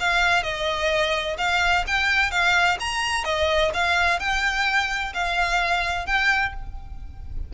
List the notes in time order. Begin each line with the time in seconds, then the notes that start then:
0.00 F5
0.43 D#5
1.38 F5
1.87 G5
2.31 F5
2.80 A#5
3.25 D#5
3.74 F5
4.20 G5
5.14 F5
6.07 G5